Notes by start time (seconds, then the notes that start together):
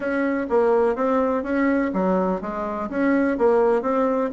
0.00 C#4
0.49 A#3
0.95 C4
1.43 C#4
1.93 F#3
2.41 G#3
2.89 C#4
3.38 A#3
3.82 C4